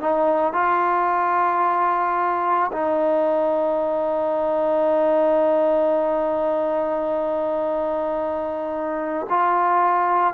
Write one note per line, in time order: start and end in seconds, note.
0.00 0.53 D#4
0.53 2.71 F4
2.72 9.26 D#4
9.29 10.33 F4